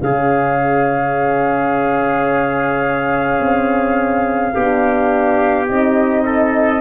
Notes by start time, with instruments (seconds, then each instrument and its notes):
0.00 tuba C#3, horn C#4, trumpet G#4, flute F5
3.39 tuba C4
4.54 tuba B3, horn D4, trumpet G4
5.67 tuba C4, horn D#4, flute D#5
6.25 trumpet A4